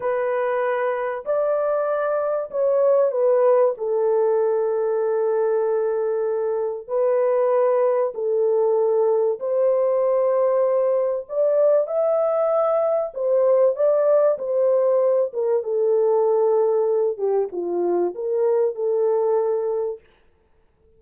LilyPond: \new Staff \with { instrumentName = "horn" } { \time 4/4 \tempo 4 = 96 b'2 d''2 | cis''4 b'4 a'2~ | a'2. b'4~ | b'4 a'2 c''4~ |
c''2 d''4 e''4~ | e''4 c''4 d''4 c''4~ | c''8 ais'8 a'2~ a'8 g'8 | f'4 ais'4 a'2 | }